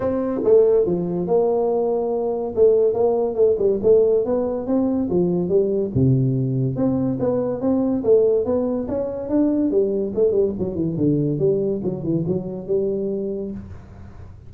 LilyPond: \new Staff \with { instrumentName = "tuba" } { \time 4/4 \tempo 4 = 142 c'4 a4 f4 ais4~ | ais2 a4 ais4 | a8 g8 a4 b4 c'4 | f4 g4 c2 |
c'4 b4 c'4 a4 | b4 cis'4 d'4 g4 | a8 g8 fis8 e8 d4 g4 | fis8 e8 fis4 g2 | }